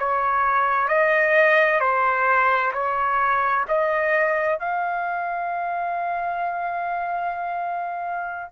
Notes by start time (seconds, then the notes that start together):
0.00 C#5
0.89 D#5
1.80 C5
2.74 C#5
3.68 D#5
4.60 F5